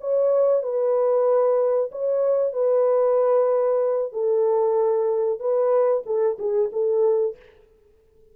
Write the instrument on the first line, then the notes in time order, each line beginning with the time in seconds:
horn
0.00 C#5
0.62 B4
1.91 C#5
2.52 B4
4.12 A4
5.39 B4
6.06 A4
6.38 G#4
6.72 A4